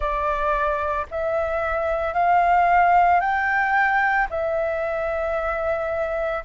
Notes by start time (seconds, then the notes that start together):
0.00 D5
1.10 E5
2.13 F5
3.20 G5
4.30 E5